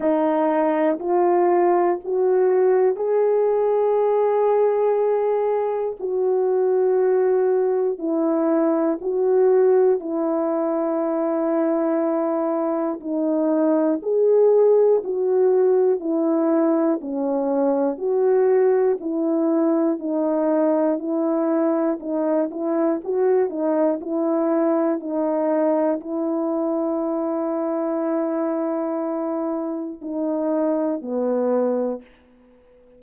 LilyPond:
\new Staff \with { instrumentName = "horn" } { \time 4/4 \tempo 4 = 60 dis'4 f'4 fis'4 gis'4~ | gis'2 fis'2 | e'4 fis'4 e'2~ | e'4 dis'4 gis'4 fis'4 |
e'4 cis'4 fis'4 e'4 | dis'4 e'4 dis'8 e'8 fis'8 dis'8 | e'4 dis'4 e'2~ | e'2 dis'4 b4 | }